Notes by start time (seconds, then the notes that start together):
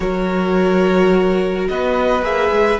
0.00 F#3 F#4 A#4 C#5
1.68 B3 B4 D#5
2.21 A#3 G#4 E5
2.50 G#3